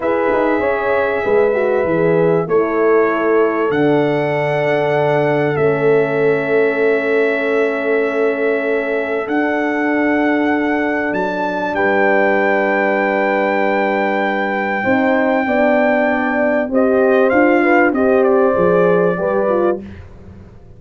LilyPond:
<<
  \new Staff \with { instrumentName = "trumpet" } { \time 4/4 \tempo 4 = 97 e''1 | cis''2 fis''2~ | fis''4 e''2.~ | e''2. fis''4~ |
fis''2 a''4 g''4~ | g''1~ | g''2. dis''4 | f''4 dis''8 d''2~ d''8 | }
  \new Staff \with { instrumentName = "horn" } { \time 4/4 b'4 cis''4 b'2 | a'1~ | a'1~ | a'1~ |
a'2. b'4~ | b'1 | c''4 d''2 c''4~ | c''8 b'8 c''2 b'4 | }
  \new Staff \with { instrumentName = "horn" } { \time 4/4 gis'2~ gis'8 fis'8 gis'4 | e'2 d'2~ | d'4 cis'2.~ | cis'2. d'4~ |
d'1~ | d'1 | dis'4 d'2 g'4 | f'4 g'4 gis'4 g'8 f'8 | }
  \new Staff \with { instrumentName = "tuba" } { \time 4/4 e'8 dis'8 cis'4 gis4 e4 | a2 d2~ | d4 a2.~ | a2. d'4~ |
d'2 fis4 g4~ | g1 | c'4 b2 c'4 | d'4 c'4 f4 g4 | }
>>